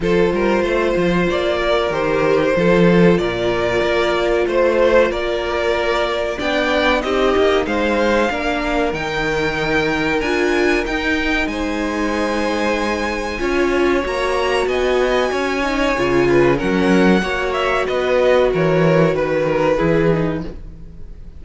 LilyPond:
<<
  \new Staff \with { instrumentName = "violin" } { \time 4/4 \tempo 4 = 94 c''2 d''4 c''4~ | c''4 d''2 c''4 | d''2 g''4 dis''4 | f''2 g''2 |
gis''4 g''4 gis''2~ | gis''2 ais''4 gis''4~ | gis''2 fis''4. e''8 | dis''4 cis''4 b'2 | }
  \new Staff \with { instrumentName = "violin" } { \time 4/4 a'8 ais'8 c''4. ais'4. | a'4 ais'2 c''4 | ais'2 d''4 g'4 | c''4 ais'2.~ |
ais'2 c''2~ | c''4 cis''2 dis''4 | cis''4. b'8 ais'4 cis''4 | b'4 ais'4 b'8 ais'8 gis'4 | }
  \new Staff \with { instrumentName = "viola" } { \time 4/4 f'2. g'4 | f'1~ | f'2 d'4 dis'4~ | dis'4 d'4 dis'2 |
f'4 dis'2.~ | dis'4 f'4 fis'2~ | fis'8 dis'8 f'4 cis'4 fis'4~ | fis'2. e'8 dis'8 | }
  \new Staff \with { instrumentName = "cello" } { \time 4/4 f8 g8 a8 f8 ais4 dis4 | f4 ais,4 ais4 a4 | ais2 b4 c'8 ais8 | gis4 ais4 dis2 |
d'4 dis'4 gis2~ | gis4 cis'4 ais4 b4 | cis'4 cis4 fis4 ais4 | b4 e4 dis4 e4 | }
>>